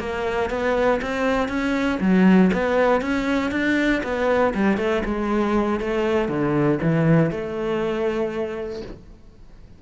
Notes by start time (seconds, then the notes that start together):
0.00 A#3
0.50 B3
1.02 C4
1.49 C#4
2.01 F#3
2.54 B3
3.02 C#4
3.52 D4
4.04 B3
4.55 G3
4.78 A3
5.05 G#3
5.81 A3
6.29 D3
6.83 E3
7.31 A3